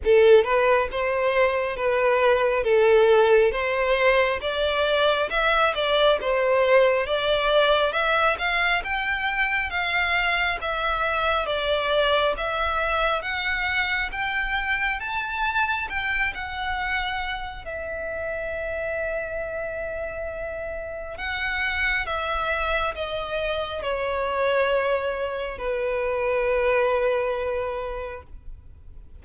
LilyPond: \new Staff \with { instrumentName = "violin" } { \time 4/4 \tempo 4 = 68 a'8 b'8 c''4 b'4 a'4 | c''4 d''4 e''8 d''8 c''4 | d''4 e''8 f''8 g''4 f''4 | e''4 d''4 e''4 fis''4 |
g''4 a''4 g''8 fis''4. | e''1 | fis''4 e''4 dis''4 cis''4~ | cis''4 b'2. | }